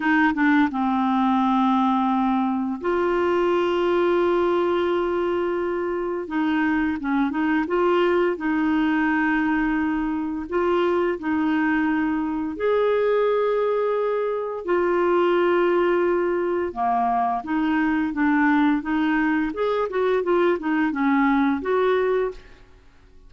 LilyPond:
\new Staff \with { instrumentName = "clarinet" } { \time 4/4 \tempo 4 = 86 dis'8 d'8 c'2. | f'1~ | f'4 dis'4 cis'8 dis'8 f'4 | dis'2. f'4 |
dis'2 gis'2~ | gis'4 f'2. | ais4 dis'4 d'4 dis'4 | gis'8 fis'8 f'8 dis'8 cis'4 fis'4 | }